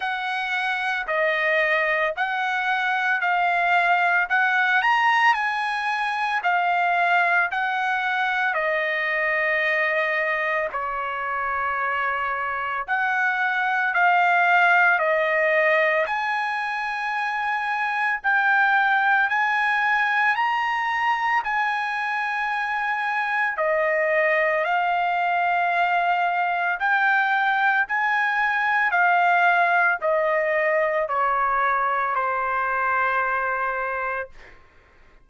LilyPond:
\new Staff \with { instrumentName = "trumpet" } { \time 4/4 \tempo 4 = 56 fis''4 dis''4 fis''4 f''4 | fis''8 ais''8 gis''4 f''4 fis''4 | dis''2 cis''2 | fis''4 f''4 dis''4 gis''4~ |
gis''4 g''4 gis''4 ais''4 | gis''2 dis''4 f''4~ | f''4 g''4 gis''4 f''4 | dis''4 cis''4 c''2 | }